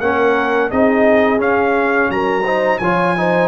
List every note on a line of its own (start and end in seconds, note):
0.00 0.70 A#3
0.00 0.71 C#4
0.00 0.71 A#4
0.00 0.70 F#5
0.71 1.39 C4
0.71 1.38 D#4
0.71 2.10 G#4
0.71 1.41 D#5
1.38 2.43 C#4
1.38 2.09 C#4
1.38 2.11 F5
2.10 2.80 F#3
2.10 2.45 A#4
2.10 2.78 A#5
2.45 2.81 D#4
2.45 2.80 C5
2.78 3.48 F3
2.78 3.17 F4
2.78 3.16 C#5
2.78 3.48 G#5
3.17 3.48 D#4
3.17 3.48 C5